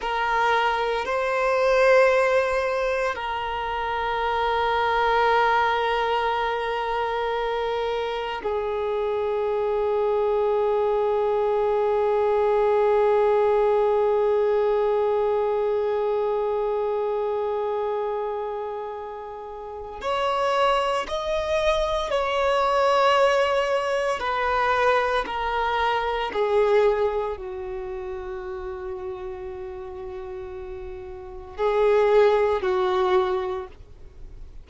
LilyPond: \new Staff \with { instrumentName = "violin" } { \time 4/4 \tempo 4 = 57 ais'4 c''2 ais'4~ | ais'1 | gis'1~ | gis'1~ |
gis'2. cis''4 | dis''4 cis''2 b'4 | ais'4 gis'4 fis'2~ | fis'2 gis'4 fis'4 | }